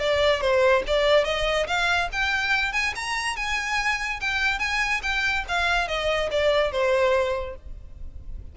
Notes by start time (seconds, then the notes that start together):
0.00 D5
0.41 C5
0.87 D5
1.25 D#5
1.67 F5
2.12 G5
2.73 G#5
2.96 A#5
3.37 G#5
4.21 G5
4.59 G#5
5.03 G5
5.49 F5
5.88 D#5
6.31 D5
6.72 C5